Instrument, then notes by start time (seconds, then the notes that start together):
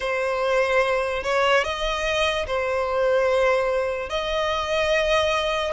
violin
0.00 C5
1.23 C#5
1.64 D#5
2.47 C5
4.09 D#5